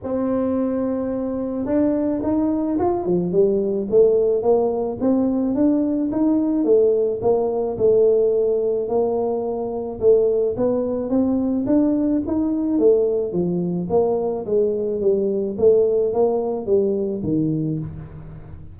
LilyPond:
\new Staff \with { instrumentName = "tuba" } { \time 4/4 \tempo 4 = 108 c'2. d'4 | dis'4 f'8 f8 g4 a4 | ais4 c'4 d'4 dis'4 | a4 ais4 a2 |
ais2 a4 b4 | c'4 d'4 dis'4 a4 | f4 ais4 gis4 g4 | a4 ais4 g4 dis4 | }